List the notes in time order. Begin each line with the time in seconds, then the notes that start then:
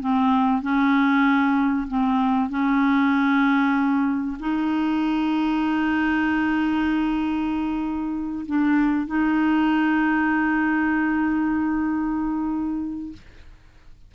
0.00 C4
0.62 C#4
1.88 C4
2.50 C#4
4.39 D#4
8.46 D4
9.07 D#4